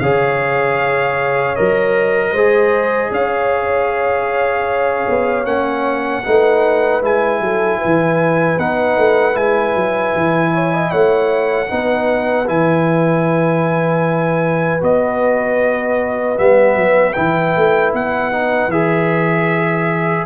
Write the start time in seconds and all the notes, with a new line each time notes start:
0.00 C#3 G#4 C#5 F5
1.56 F#3 A#4 D#5
2.33 G#3 G#4 C5
3.12 C#4 C#5 F5
5.09 B3
5.45 A#3 C#4 F#5
6.24 A3 D#4 B4
7.02 G#3 E4 G#5
7.40 F#3 A4
7.79 B4
7.85 E3
8.59 B3 D#4 F#5
8.98 A3
9.33 G#3 E4 G#5
9.75 F#3
10.15 E3
10.54 C#5
10.74 D#5
10.91 A3 C#5 F#5
11.68 B3 D#4 B4
12.47 E3 E4 G#5
14.80 B3 F#4 D#5
16.36 G3 B3 E5
16.76 F#3
17.13 E3 E4 G5
17.56 A3
17.94 B3 F#5
18.32 D#4
18.68 E3 G#4 E5